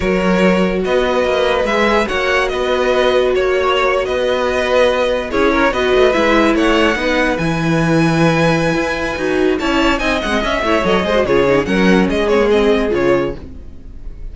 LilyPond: <<
  \new Staff \with { instrumentName = "violin" } { \time 4/4 \tempo 4 = 144 cis''2 dis''2 | e''4 fis''4 dis''2 | cis''4.~ cis''16 dis''2~ dis''16~ | dis''8. cis''4 dis''4 e''4 fis''16~ |
fis''4.~ fis''16 gis''2~ gis''16~ | gis''2. a''4 | gis''8 fis''8 e''4 dis''4 cis''4 | fis''4 dis''8 cis''8 dis''4 cis''4 | }
  \new Staff \with { instrumentName = "violin" } { \time 4/4 ais'2 b'2~ | b'4 cis''4 b'2 | cis''4.~ cis''16 b'2~ b'16~ | b'8. gis'8 ais'8 b'2 cis''16~ |
cis''8. b'2.~ b'16~ | b'2. cis''4 | dis''4. cis''4 c''8 gis'4 | ais'4 gis'2. | }
  \new Staff \with { instrumentName = "viola" } { \time 4/4 fis'1 | gis'4 fis'2.~ | fis'1~ | fis'8. e'4 fis'4 e'4~ e'16~ |
e'8. dis'4 e'2~ e'16~ | e'2 fis'4 e'4 | dis'8 cis'16 c'16 cis'8 e'8 a'8 gis'16 fis'16 f'8 dis'8 | cis'4. c'16 ais16 c'4 f'4 | }
  \new Staff \with { instrumentName = "cello" } { \time 4/4 fis2 b4 ais4 | gis4 ais4 b2 | ais4.~ ais16 b2~ b16~ | b8. cis'4 b8 a8 gis4 a16~ |
a8. b4 e2~ e16~ | e4 e'4 dis'4 cis'4 | c'8 gis8 cis'8 a8 fis8 gis8 cis4 | fis4 gis2 cis4 | }
>>